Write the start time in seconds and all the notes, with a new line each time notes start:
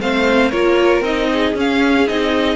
0.00 A3 C4 C5 F5
0.50 A#3 F4 A#4 C#5
1.00 C4 D#4 D#5
1.32 G#4
1.54 C#4 F5
2.07 C4 D#4 D#5